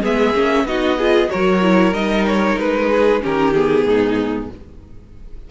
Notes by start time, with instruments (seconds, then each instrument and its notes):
0.00 cello G#3, viola B3, violin G#4 E5
0.34 cello A#3, viola C#4
0.63 cello B3, viola D#4, violin F#4 D#5
0.97 viola F4, violin G#4
1.28 cello F#3, viola F#4, violin A#4 C#5
1.62 viola E4
1.92 cello G3, viola D#4, violin D#5
2.27 violin C#5
2.58 cello G#3, violin B4
2.90 violin G#4
3.20 cello D#3, viola C#4, violin G4 A#4
3.54 viola B3, violin G#4
3.84 cello G#2, violin D#4